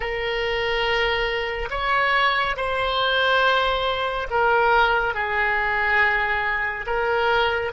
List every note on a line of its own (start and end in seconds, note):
0.00 1.68 A#4
1.70 2.56 C#5
2.56 4.27 C5
4.30 5.14 A#4
5.14 6.85 G#4
6.86 7.71 A#4